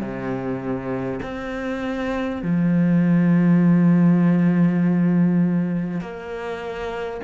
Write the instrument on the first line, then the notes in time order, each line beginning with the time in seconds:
cello
0.00 C3
1.23 C4
2.43 F3
6.01 A#3